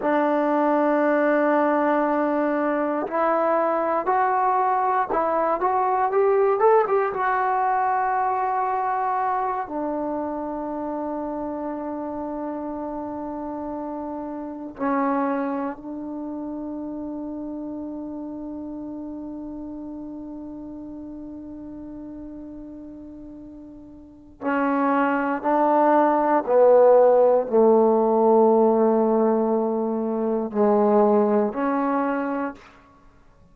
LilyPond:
\new Staff \with { instrumentName = "trombone" } { \time 4/4 \tempo 4 = 59 d'2. e'4 | fis'4 e'8 fis'8 g'8 a'16 g'16 fis'4~ | fis'4. d'2~ d'8~ | d'2~ d'8 cis'4 d'8~ |
d'1~ | d'1 | cis'4 d'4 b4 a4~ | a2 gis4 cis'4 | }